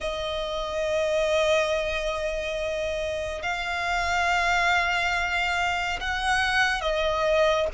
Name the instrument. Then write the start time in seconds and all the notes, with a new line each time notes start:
violin
0.00 D#5
3.42 F5
6.00 F#5
6.81 D#5